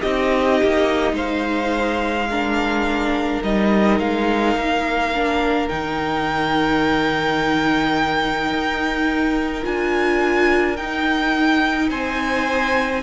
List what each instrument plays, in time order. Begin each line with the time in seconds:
0.00 cello C4, viola D#4, violin G4 D#5
0.63 cello A#3
1.12 cello G#3, violin C5 F5
2.30 viola D4, violin A#4
3.43 cello G3, viola D#4, violin D#5
3.99 cello G#3, violin F5
4.55 cello A#3
5.15 viola D4
5.68 cello D#3, viola D#4, violin G5
8.50 cello D#4
9.63 cello D4, viola F4, violin G#5
10.77 cello D#4, viola D#4, violin G5
11.89 cello C4, violin C5 G#5